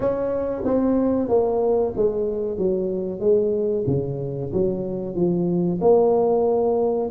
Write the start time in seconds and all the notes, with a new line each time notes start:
0.00 C#4
0.64 C4
1.28 A#3
1.96 G#3
2.58 F#3
3.20 G#3
3.87 C#3
4.52 F#3
5.15 F3
5.81 A#3